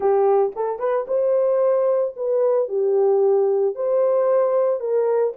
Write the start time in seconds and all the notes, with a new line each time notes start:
0.00 G4
0.55 A4
0.79 B4
1.07 C5
2.16 B4
2.68 G4
3.75 C5
4.80 A#4